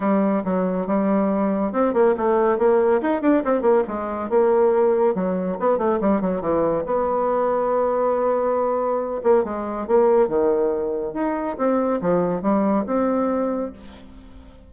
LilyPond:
\new Staff \with { instrumentName = "bassoon" } { \time 4/4 \tempo 4 = 140 g4 fis4 g2 | c'8 ais8 a4 ais4 dis'8 d'8 | c'8 ais8 gis4 ais2 | fis4 b8 a8 g8 fis8 e4 |
b1~ | b4. ais8 gis4 ais4 | dis2 dis'4 c'4 | f4 g4 c'2 | }